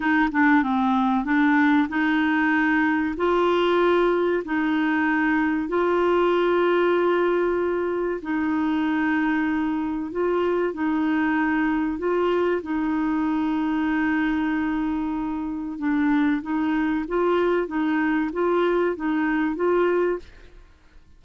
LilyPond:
\new Staff \with { instrumentName = "clarinet" } { \time 4/4 \tempo 4 = 95 dis'8 d'8 c'4 d'4 dis'4~ | dis'4 f'2 dis'4~ | dis'4 f'2.~ | f'4 dis'2. |
f'4 dis'2 f'4 | dis'1~ | dis'4 d'4 dis'4 f'4 | dis'4 f'4 dis'4 f'4 | }